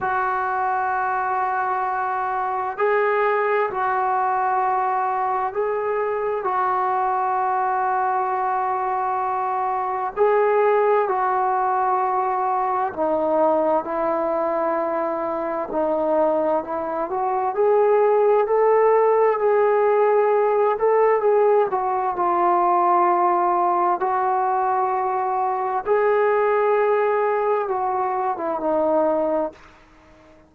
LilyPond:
\new Staff \with { instrumentName = "trombone" } { \time 4/4 \tempo 4 = 65 fis'2. gis'4 | fis'2 gis'4 fis'4~ | fis'2. gis'4 | fis'2 dis'4 e'4~ |
e'4 dis'4 e'8 fis'8 gis'4 | a'4 gis'4. a'8 gis'8 fis'8 | f'2 fis'2 | gis'2 fis'8. e'16 dis'4 | }